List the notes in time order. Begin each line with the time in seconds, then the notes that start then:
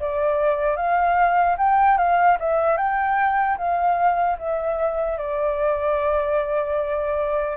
0.00 D5
0.76 F5
1.57 G5
1.98 F5
2.40 E5
2.77 G5
3.58 F5
4.39 E5
5.17 D5